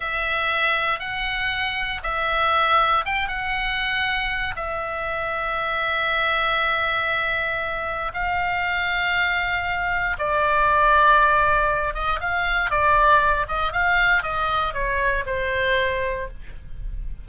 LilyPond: \new Staff \with { instrumentName = "oboe" } { \time 4/4 \tempo 4 = 118 e''2 fis''2 | e''2 g''8 fis''4.~ | fis''4 e''2.~ | e''1 |
f''1 | d''2.~ d''8 dis''8 | f''4 d''4. dis''8 f''4 | dis''4 cis''4 c''2 | }